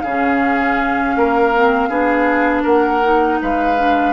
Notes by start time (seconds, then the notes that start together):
0.00 C#3 G#4 F5
0.06 C#4
1.16 A#3 A#4
1.55 C4
1.89 B3 D4 G#4
2.62 A#3 A#4 F#5
3.03 D#4
3.42 G#3 B4 F5
3.77 D4